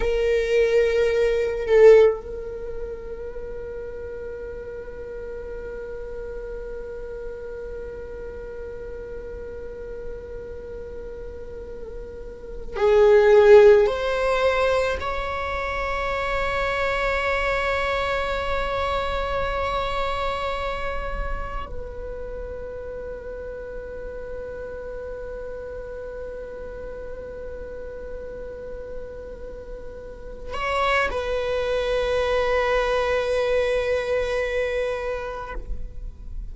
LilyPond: \new Staff \with { instrumentName = "viola" } { \time 4/4 \tempo 4 = 54 ais'4. a'8 ais'2~ | ais'1~ | ais'2.~ ais'8 gis'8~ | gis'8 c''4 cis''2~ cis''8~ |
cis''2.~ cis''8 b'8~ | b'1~ | b'2.~ b'8 cis''8 | b'1 | }